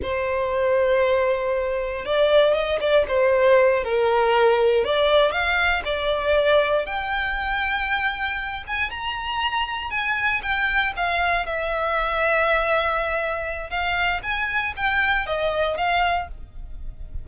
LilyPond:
\new Staff \with { instrumentName = "violin" } { \time 4/4 \tempo 4 = 118 c''1 | d''4 dis''8 d''8 c''4. ais'8~ | ais'4. d''4 f''4 d''8~ | d''4. g''2~ g''8~ |
g''4 gis''8 ais''2 gis''8~ | gis''8 g''4 f''4 e''4.~ | e''2. f''4 | gis''4 g''4 dis''4 f''4 | }